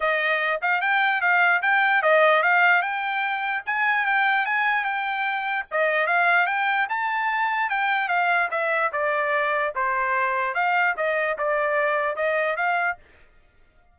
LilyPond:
\new Staff \with { instrumentName = "trumpet" } { \time 4/4 \tempo 4 = 148 dis''4. f''8 g''4 f''4 | g''4 dis''4 f''4 g''4~ | g''4 gis''4 g''4 gis''4 | g''2 dis''4 f''4 |
g''4 a''2 g''4 | f''4 e''4 d''2 | c''2 f''4 dis''4 | d''2 dis''4 f''4 | }